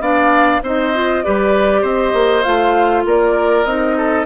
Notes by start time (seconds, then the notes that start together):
0.00 B3 D4 D5 F5
0.62 C4 D#4 C5 D#5
0.94 F4
1.23 G3 G4 B4 D5
1.81 C4 C5 D#5
2.13 A#3
2.42 A3 F4 F5
3.05 A#3 A#4 D5
3.65 C4 D#4 D#5
3.97 A4